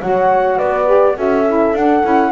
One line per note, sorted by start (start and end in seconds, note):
0.00 0.60 F#3
0.00 0.86 F#4
0.00 0.57 C#5
0.00 0.58 F#5
0.57 1.17 B3
0.57 1.15 B4
0.57 1.16 D5
0.86 1.14 G4
1.16 1.74 C#4
1.16 1.44 F#4
1.16 2.32 A4
1.16 1.76 E5
1.47 1.75 E4
1.74 2.02 D4
1.74 2.04 D4
1.74 2.32 F#5
2.04 2.32 C#4
2.04 2.32 E4